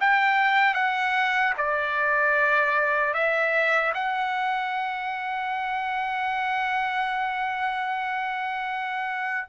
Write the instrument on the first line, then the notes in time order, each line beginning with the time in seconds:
trumpet
0.00 G5
0.74 F#5
1.57 D5
3.13 E5
3.94 F#5